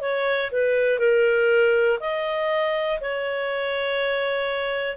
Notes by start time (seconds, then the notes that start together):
0.00 C#5
0.51 B4
0.99 A#4
1.99 D#5
3.00 C#5